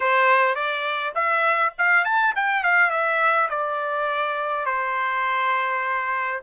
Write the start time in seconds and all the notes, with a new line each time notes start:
0.00 C5
0.55 D5
1.14 E5
1.78 F5
2.04 A5
2.35 G5
2.63 F5
2.90 E5
3.49 D5
4.65 C5